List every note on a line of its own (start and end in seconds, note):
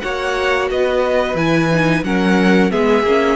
0.00 0.70 A#3
0.00 1.36 F#4
0.00 0.70 C#5
0.00 0.67 F#5
0.70 1.34 B3
0.70 2.05 B4
0.70 1.36 D#5
1.34 2.02 E3
1.34 1.71 E4
1.34 2.04 G#5
1.72 2.04 D#4
2.04 2.71 F#3
2.04 2.70 C#4
2.04 2.71 A#4
2.04 2.71 F#5
2.70 3.03 G#3
2.70 3.04 B3
2.70 3.36 G#4
2.70 3.36 E5
3.03 3.36 A#3
3.03 3.36 C#4